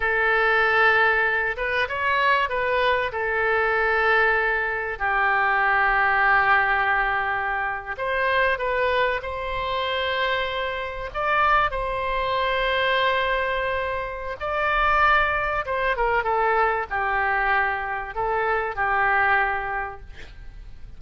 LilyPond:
\new Staff \with { instrumentName = "oboe" } { \time 4/4 \tempo 4 = 96 a'2~ a'8 b'8 cis''4 | b'4 a'2. | g'1~ | g'8. c''4 b'4 c''4~ c''16~ |
c''4.~ c''16 d''4 c''4~ c''16~ | c''2. d''4~ | d''4 c''8 ais'8 a'4 g'4~ | g'4 a'4 g'2 | }